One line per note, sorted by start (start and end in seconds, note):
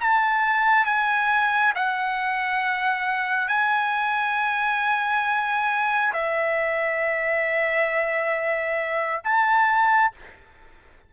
0.00 0.85 A5
0.85 1.73 G#5
1.75 3.48 F#5
3.48 6.12 G#5
6.12 9.21 E5
9.23 10.11 A5